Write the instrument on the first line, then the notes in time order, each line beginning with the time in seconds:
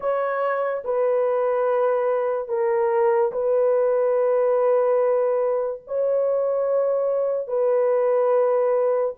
horn
0.00 C#5
0.84 B4
2.48 A#4
3.32 B4
5.87 C#5
7.47 B4